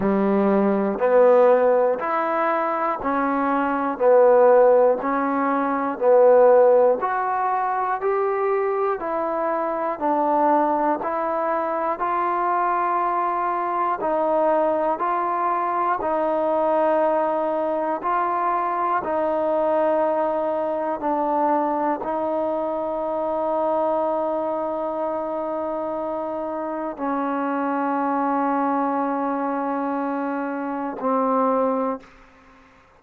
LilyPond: \new Staff \with { instrumentName = "trombone" } { \time 4/4 \tempo 4 = 60 g4 b4 e'4 cis'4 | b4 cis'4 b4 fis'4 | g'4 e'4 d'4 e'4 | f'2 dis'4 f'4 |
dis'2 f'4 dis'4~ | dis'4 d'4 dis'2~ | dis'2. cis'4~ | cis'2. c'4 | }